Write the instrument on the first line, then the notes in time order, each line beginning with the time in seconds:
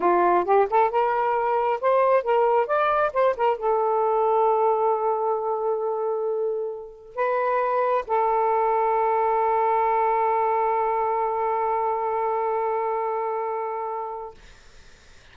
saxophone
0.00 F4
0.45 G4
0.69 A4
0.90 A#4
1.81 C5
2.23 A#4
2.66 D5
3.13 C5
3.36 A#4
3.57 A4
7.15 B4
8.07 A4